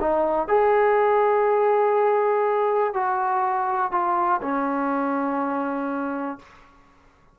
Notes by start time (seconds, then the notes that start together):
0.00 D#4
0.47 G#4
2.93 F#4
3.91 F4
4.42 C#4